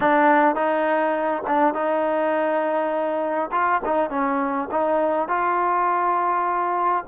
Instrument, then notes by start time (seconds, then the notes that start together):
trombone
0.00 D4
0.55 D#4
1.47 D4
1.74 D#4
3.51 F4
3.85 D#4
4.10 C#4
4.71 D#4
5.28 F4